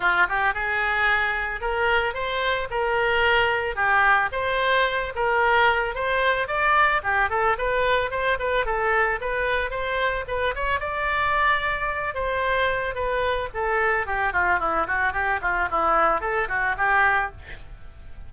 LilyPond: \new Staff \with { instrumentName = "oboe" } { \time 4/4 \tempo 4 = 111 f'8 g'8 gis'2 ais'4 | c''4 ais'2 g'4 | c''4. ais'4. c''4 | d''4 g'8 a'8 b'4 c''8 b'8 |
a'4 b'4 c''4 b'8 cis''8 | d''2~ d''8 c''4. | b'4 a'4 g'8 f'8 e'8 fis'8 | g'8 f'8 e'4 a'8 fis'8 g'4 | }